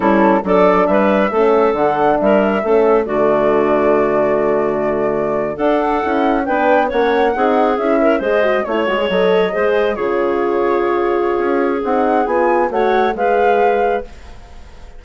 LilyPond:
<<
  \new Staff \with { instrumentName = "flute" } { \time 4/4 \tempo 4 = 137 a'4 d''4 e''2 | fis''4 e''2 d''4~ | d''1~ | d''8. fis''2 g''4 fis''16~ |
fis''4.~ fis''16 e''4 dis''4 cis''16~ | cis''8. dis''2 cis''4~ cis''16~ | cis''2. fis''4 | gis''4 fis''4 f''2 | }
  \new Staff \with { instrumentName = "clarinet" } { \time 4/4 e'4 a'4 b'4 a'4~ | a'4 ais'4 a'4 fis'4~ | fis'1~ | fis'8. a'2 b'4 cis''16~ |
cis''8. gis'4. ais'8 c''4 cis''16~ | cis''4.~ cis''16 c''4 gis'4~ gis'16~ | gis'1~ | gis'4 cis''4 b'2 | }
  \new Staff \with { instrumentName = "horn" } { \time 4/4 cis'4 d'2 cis'4 | d'2 cis'4 a4~ | a1~ | a8. d'4 e'4 d'4 cis'16~ |
cis'8. dis'4 e'4 gis'8 fis'8 e'16~ | e'16 fis'16 gis'16 a'4 gis'4 f'4~ f'16~ | f'2. dis'4 | f'4 fis'4 gis'2 | }
  \new Staff \with { instrumentName = "bassoon" } { \time 4/4 g4 fis4 g4 a4 | d4 g4 a4 d4~ | d1~ | d8. d'4 cis'4 b4 ais16~ |
ais8. c'4 cis'4 gis4 a16~ | a16 gis8 fis4 gis4 cis4~ cis16~ | cis2 cis'4 c'4 | b4 a4 gis2 | }
>>